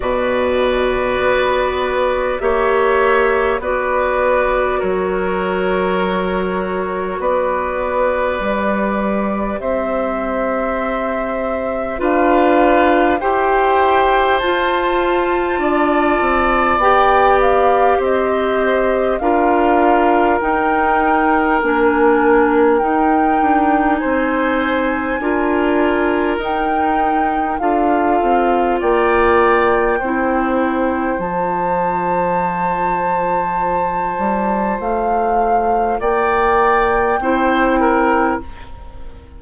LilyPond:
<<
  \new Staff \with { instrumentName = "flute" } { \time 4/4 \tempo 4 = 50 d''2 e''4 d''4 | cis''2 d''2 | e''2 f''4 g''4 | a''2 g''8 f''8 dis''4 |
f''4 g''4 gis''4 g''4 | gis''2 g''4 f''4 | g''2 a''2~ | a''4 f''4 g''2 | }
  \new Staff \with { instrumentName = "oboe" } { \time 4/4 b'2 cis''4 b'4 | ais'2 b'2 | c''2 b'4 c''4~ | c''4 d''2 c''4 |
ais'1 | c''4 ais'2 a'4 | d''4 c''2.~ | c''2 d''4 c''8 ais'8 | }
  \new Staff \with { instrumentName = "clarinet" } { \time 4/4 fis'2 g'4 fis'4~ | fis'2. g'4~ | g'2 f'4 g'4 | f'2 g'2 |
f'4 dis'4 d'4 dis'4~ | dis'4 f'4 dis'4 f'4~ | f'4 e'4 f'2~ | f'2. e'4 | }
  \new Staff \with { instrumentName = "bassoon" } { \time 4/4 b,4 b4 ais4 b4 | fis2 b4 g4 | c'2 d'4 e'4 | f'4 d'8 c'8 b4 c'4 |
d'4 dis'4 ais4 dis'8 d'8 | c'4 d'4 dis'4 d'8 c'8 | ais4 c'4 f2~ | f8 g8 a4 ais4 c'4 | }
>>